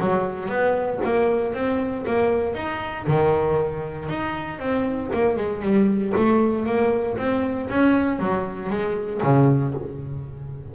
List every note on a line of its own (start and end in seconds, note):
0.00 0.49 F#3
0.49 1.00 B3
1.04 1.54 A#3
1.54 2.05 C4
2.07 2.55 A#3
2.55 3.06 D#4
3.07 4.09 D#3
4.09 4.59 D#4
4.59 5.11 C4
5.14 5.37 A#3
5.37 5.62 G#3
5.62 6.13 G3
6.17 6.66 A3
6.66 7.17 A#3
7.18 7.69 C4
7.70 8.19 C#4
8.19 8.70 F#3
8.70 9.21 G#3
9.23 9.75 C#3